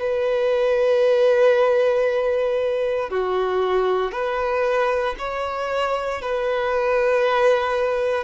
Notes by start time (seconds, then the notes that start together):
0.00 B4
3.10 F#4
4.12 B4
5.19 C#5
6.22 B4